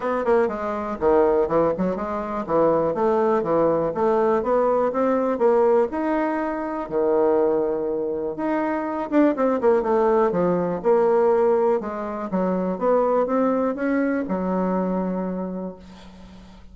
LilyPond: \new Staff \with { instrumentName = "bassoon" } { \time 4/4 \tempo 4 = 122 b8 ais8 gis4 dis4 e8 fis8 | gis4 e4 a4 e4 | a4 b4 c'4 ais4 | dis'2 dis2~ |
dis4 dis'4. d'8 c'8 ais8 | a4 f4 ais2 | gis4 fis4 b4 c'4 | cis'4 fis2. | }